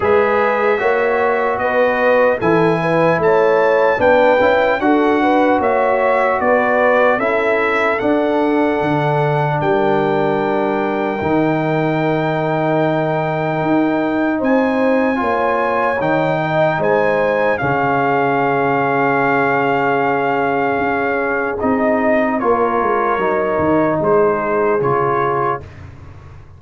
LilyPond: <<
  \new Staff \with { instrumentName = "trumpet" } { \time 4/4 \tempo 4 = 75 e''2 dis''4 gis''4 | a''4 g''4 fis''4 e''4 | d''4 e''4 fis''2 | g''1~ |
g''2 gis''2 | g''4 gis''4 f''2~ | f''2. dis''4 | cis''2 c''4 cis''4 | }
  \new Staff \with { instrumentName = "horn" } { \time 4/4 b'4 cis''4 b'4 a'8 b'8 | cis''4 b'4 a'8 b'8 cis''4 | b'4 a'2. | ais'1~ |
ais'2 c''4 cis''4~ | cis''8 dis''8 c''4 gis'2~ | gis'1 | ais'2 gis'2 | }
  \new Staff \with { instrumentName = "trombone" } { \time 4/4 gis'4 fis'2 e'4~ | e'4 d'8 e'8 fis'2~ | fis'4 e'4 d'2~ | d'2 dis'2~ |
dis'2. f'4 | dis'2 cis'2~ | cis'2. dis'4 | f'4 dis'2 f'4 | }
  \new Staff \with { instrumentName = "tuba" } { \time 4/4 gis4 ais4 b4 e4 | a4 b8 cis'8 d'4 ais4 | b4 cis'4 d'4 d4 | g2 dis2~ |
dis4 dis'4 c'4 ais4 | dis4 gis4 cis2~ | cis2 cis'4 c'4 | ais8 gis8 fis8 dis8 gis4 cis4 | }
>>